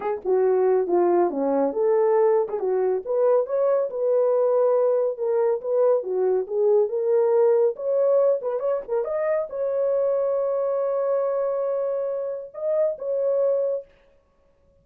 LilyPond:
\new Staff \with { instrumentName = "horn" } { \time 4/4 \tempo 4 = 139 gis'8 fis'4. f'4 cis'4 | a'4.~ a'16 gis'16 fis'4 b'4 | cis''4 b'2. | ais'4 b'4 fis'4 gis'4 |
ais'2 cis''4. b'8 | cis''8 ais'8 dis''4 cis''2~ | cis''1~ | cis''4 dis''4 cis''2 | }